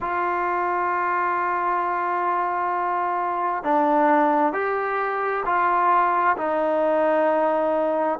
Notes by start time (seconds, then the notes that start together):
0.00 F4
3.63 D4
4.52 G4
5.45 F4
6.37 D#4